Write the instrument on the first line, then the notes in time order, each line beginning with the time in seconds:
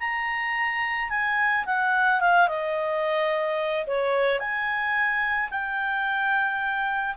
clarinet
0.00 A#5
1.10 G#5
1.66 F#5
2.21 F5
2.48 D#5
3.87 C#5
4.40 G#5
5.51 G5